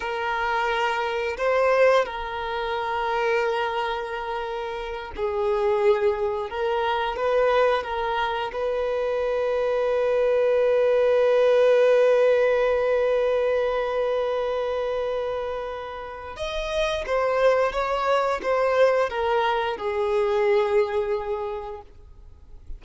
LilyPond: \new Staff \with { instrumentName = "violin" } { \time 4/4 \tempo 4 = 88 ais'2 c''4 ais'4~ | ais'2.~ ais'8 gis'8~ | gis'4. ais'4 b'4 ais'8~ | ais'8 b'2.~ b'8~ |
b'1~ | b'1 | dis''4 c''4 cis''4 c''4 | ais'4 gis'2. | }